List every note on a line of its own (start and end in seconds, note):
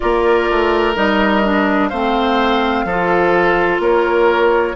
0.00 0.51 A#3
0.00 0.95 F4
0.00 1.89 A#4
0.00 0.94 D5
0.51 0.96 A3
0.95 1.91 G3
0.95 1.42 D#4
0.95 1.88 D#5
1.43 1.90 D4
1.88 2.84 A3
1.88 2.88 C4
1.88 2.85 C5
1.88 3.79 F5
2.84 3.79 F3
2.84 4.75 F4
2.84 3.81 A4
3.79 4.74 A#3
3.79 4.75 A#4
3.79 4.75 C#5